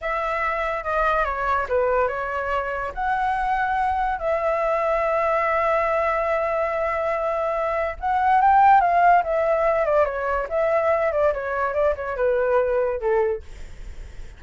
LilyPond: \new Staff \with { instrumentName = "flute" } { \time 4/4 \tempo 4 = 143 e''2 dis''4 cis''4 | b'4 cis''2 fis''4~ | fis''2 e''2~ | e''1~ |
e''2. fis''4 | g''4 f''4 e''4. d''8 | cis''4 e''4. d''8 cis''4 | d''8 cis''8 b'2 a'4 | }